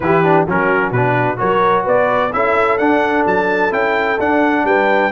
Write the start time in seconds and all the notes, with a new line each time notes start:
0.00 E3 E4 G4 B4
0.24 D4
0.45 F#3 C#4 F#4 A#4
0.91 B2 D4 B4
1.37 F#3 F#4 A#4 C#5
1.83 B3 B4 D5
2.32 C#4 E4 A4 E5
2.78 D4 F#5
3.26 F#3 A5
3.70 C#4 E4 G5
4.19 D4 F#5
4.64 G3 B4 G5